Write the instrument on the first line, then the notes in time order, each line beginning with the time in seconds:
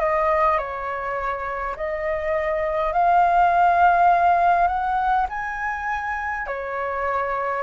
flute
0.00 D#5
0.58 C#5
1.77 D#5
2.93 F5
4.68 F#5
5.29 G#5
6.47 C#5